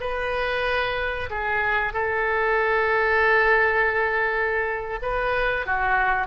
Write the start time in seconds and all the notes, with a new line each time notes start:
0.00 B4
1.29 G#4
1.93 A4
5.01 B4
5.65 F#4